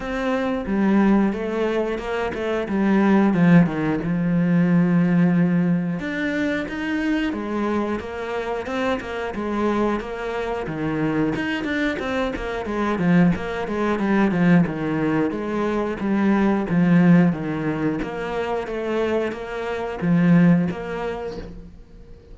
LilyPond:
\new Staff \with { instrumentName = "cello" } { \time 4/4 \tempo 4 = 90 c'4 g4 a4 ais8 a8 | g4 f8 dis8 f2~ | f4 d'4 dis'4 gis4 | ais4 c'8 ais8 gis4 ais4 |
dis4 dis'8 d'8 c'8 ais8 gis8 f8 | ais8 gis8 g8 f8 dis4 gis4 | g4 f4 dis4 ais4 | a4 ais4 f4 ais4 | }